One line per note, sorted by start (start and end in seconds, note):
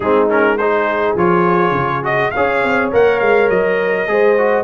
0.00 1.14 G#3
0.00 0.29 C4
0.00 0.58 D#4
0.00 0.28 G#4
0.29 0.58 C#4
0.29 0.57 A#4
0.57 1.17 D#4
0.57 2.33 G#4
0.57 1.15 C5
1.15 1.71 F3
1.15 2.02 F4
1.15 2.04 C#5
1.71 2.29 C#3
2.02 2.32 F#4
2.02 2.30 D#5
2.30 2.63 C#4
2.30 2.92 G#4
2.30 4.08 C#5
2.30 2.88 F5
2.63 2.92 C4
2.92 3.21 A#3
2.92 4.07 A#4
2.92 3.19 F#5
3.19 3.49 G#3
3.19 3.48 F5
3.49 4.07 F#3
3.49 4.63 D#5
4.07 4.63 G#3
4.07 4.36 G#4
4.07 4.63 C5
4.38 4.63 F#4